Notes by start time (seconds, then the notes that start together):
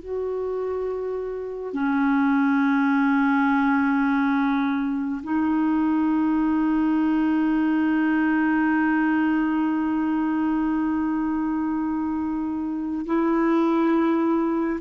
0.00 F#4
1.74 C#4
5.23 D#4
13.06 E4